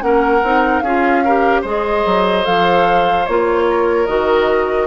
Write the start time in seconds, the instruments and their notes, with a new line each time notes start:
0.00 bassoon A#3, clarinet C#4, oboe A#4, flute F#5
0.43 bassoon C4, clarinet D#4
0.80 bassoon C#4, oboe G#4, flute F5
0.86 clarinet F4
1.25 clarinet G4, oboe A#4
1.61 bassoon G#3, clarinet G#4, oboe C5, flute D#5
2.06 bassoon F#3
2.44 bassoon F3, clarinet A4, flute F5
3.26 bassoon A#3, clarinet F4, flute C#5
3.70 oboe A#4
4.06 bassoon D#3, clarinet F#4, flute D#5